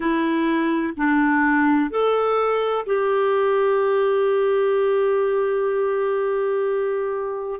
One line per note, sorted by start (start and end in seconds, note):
0.00 0.93 E4
0.96 1.90 D4
1.90 2.85 A4
2.86 7.60 G4